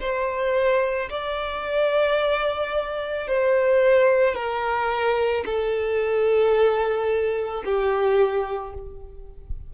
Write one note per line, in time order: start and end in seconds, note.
0.00 1.09 C5
1.10 3.27 D5
3.27 4.35 C5
4.35 5.44 A#4
5.45 7.63 A4
7.65 8.74 G4